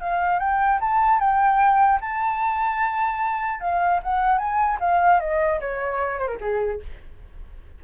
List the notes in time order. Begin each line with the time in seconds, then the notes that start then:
0.00 F5
0.39 G5
0.80 A5
1.19 G5
2.01 A5
3.60 F5
4.03 F#5
4.38 G#5
4.79 F5
5.19 D#5
5.60 C#5
6.19 C5
6.27 A#4
6.40 G#4